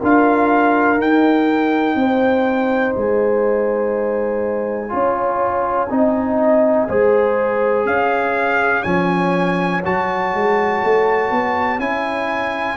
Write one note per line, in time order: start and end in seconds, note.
0.00 0.98 D4
0.00 0.98 F4
0.00 1.97 A#4
0.00 1.01 F5
0.98 4.89 D#4
0.98 1.95 D#4
0.98 2.95 G5
1.95 2.94 C4
1.95 4.92 C5
2.95 4.93 G#3
2.95 7.86 G#5
4.89 5.90 C#4
4.89 5.87 F4
4.89 5.91 C#5
5.90 6.89 C4
5.90 6.88 D#4
5.90 6.89 D#5
6.89 7.85 G#3
6.89 8.84 G#4
6.89 7.87 C5
7.85 8.84 C#4
7.85 12.77 C#5
7.85 8.83 F5
8.83 9.84 F3
8.83 9.82 C#4
8.83 9.81 G#5
9.84 10.34 F#3
9.84 11.80 F#4
9.84 11.80 A5
10.34 10.83 G#3
10.83 11.31 A3
11.31 11.79 B3
11.79 12.77 C#4
11.79 12.77 E4
11.79 12.77 G#5